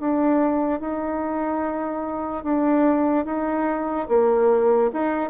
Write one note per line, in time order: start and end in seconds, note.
0.00 0.80 D4
0.80 2.44 D#4
2.44 3.25 D4
3.25 4.08 D#4
4.09 4.91 A#3
4.93 5.30 D#4